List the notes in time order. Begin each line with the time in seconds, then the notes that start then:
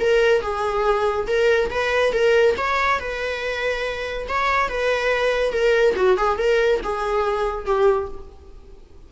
0.00 A#4
0.42 G#4
1.27 A#4
1.70 B4
2.13 A#4
2.57 C#5
3.00 B4
4.28 C#5
4.69 B4
5.52 A#4
5.96 F#4
6.17 G#4
6.38 A#4
6.83 G#4
7.66 G4